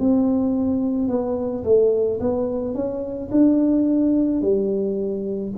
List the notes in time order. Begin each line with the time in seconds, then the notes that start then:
0.00 C4
1.09 B3
1.64 A3
2.21 B3
2.75 C#4
3.32 D4
4.42 G3